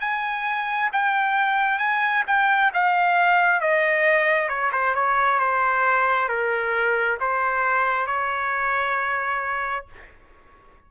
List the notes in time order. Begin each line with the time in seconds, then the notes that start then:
0.00 G#5
0.93 G5
1.79 G#5
2.27 G5
2.74 F5
3.61 D#5
4.49 C#5
4.72 C5
4.95 C#5
5.39 C5
6.28 A#4
7.20 C5
8.07 C#5